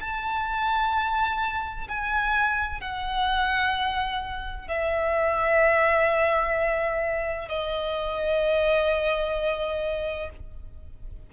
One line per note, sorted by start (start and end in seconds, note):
0.00 1.87 A5
1.88 2.80 G#5
2.80 4.68 F#5
4.68 7.48 E5
7.48 10.30 D#5